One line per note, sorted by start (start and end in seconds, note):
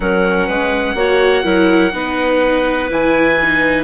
0.00 0.48 F#3
0.00 0.96 C#4
0.00 0.46 A#4
0.00 2.90 F#5
0.46 0.95 G#3
0.46 0.95 B4
0.95 1.43 A#3
0.95 1.43 F#4
0.95 1.44 C#5
1.43 1.93 F#3
1.43 1.92 E4
1.43 1.92 A#4
1.92 2.90 B3
1.92 2.89 D#4
1.92 3.83 B4
2.89 3.83 E3
2.89 3.37 E4
2.89 3.83 G#5
3.42 3.83 D#4